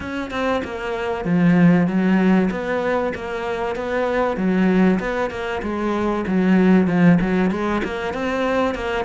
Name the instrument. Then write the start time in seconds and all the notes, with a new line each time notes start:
cello
0.00 C#4
0.30 C4
0.64 A#3
1.24 F3
1.87 F#3
2.50 B3
3.14 A#3
3.75 B3
4.36 F#3
4.99 B3
5.30 A#3
5.62 G#3
6.27 F#3
6.87 F3
7.20 F#3
7.51 G#3
7.84 A#3
8.13 C4
8.74 A#3